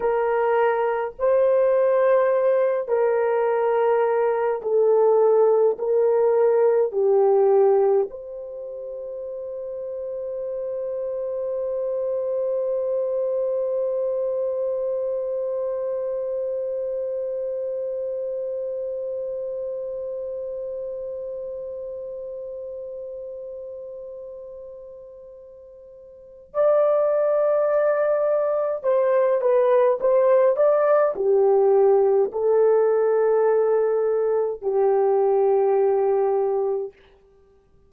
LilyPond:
\new Staff \with { instrumentName = "horn" } { \time 4/4 \tempo 4 = 52 ais'4 c''4. ais'4. | a'4 ais'4 g'4 c''4~ | c''1~ | c''1~ |
c''1~ | c''2. d''4~ | d''4 c''8 b'8 c''8 d''8 g'4 | a'2 g'2 | }